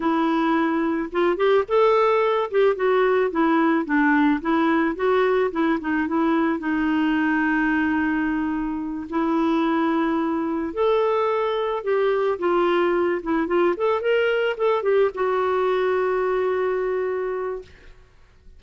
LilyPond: \new Staff \with { instrumentName = "clarinet" } { \time 4/4 \tempo 4 = 109 e'2 f'8 g'8 a'4~ | a'8 g'8 fis'4 e'4 d'4 | e'4 fis'4 e'8 dis'8 e'4 | dis'1~ |
dis'8 e'2. a'8~ | a'4. g'4 f'4. | e'8 f'8 a'8 ais'4 a'8 g'8 fis'8~ | fis'1 | }